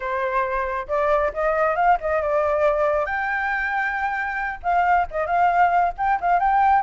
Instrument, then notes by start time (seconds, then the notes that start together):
flute
0.00 C5
0.87 D5
1.33 D#5
1.75 F5
2.00 D#5
2.22 D5
3.05 G5
4.62 F5
5.10 D#5
5.26 F5
5.97 G5
6.20 F5
6.39 G5